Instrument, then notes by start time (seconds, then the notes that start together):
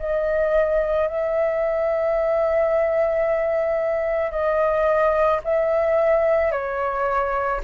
flute
0.00 D#5
1.08 E5
4.32 D#5
5.44 E5
6.52 C#5